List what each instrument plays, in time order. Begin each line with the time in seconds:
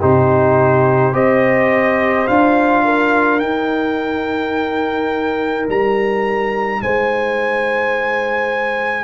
0.00 tuba C3, trombone D#4, horn G4, trumpet C5
1.13 tuba C4, trombone G4, horn C5, trumpet D#5
2.28 tuba D4, trombone F4, trumpet F5
2.85 horn A#4
3.40 trombone D#4, tuba D#4, trumpet G5
5.69 tuba G3, trumpet A#5
6.83 tuba G#3, horn C5, trumpet G#5